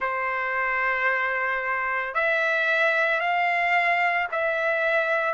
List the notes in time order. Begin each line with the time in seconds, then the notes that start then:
0.00 C5
2.14 E5
3.20 F5
4.31 E5